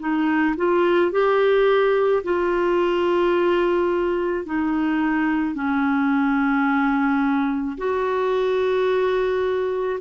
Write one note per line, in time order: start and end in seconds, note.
0.00 0.56 D#4
0.57 1.12 F4
1.12 2.23 G4
2.24 4.46 F4
4.46 5.55 D#4
5.55 7.77 C#4
7.78 10.00 F#4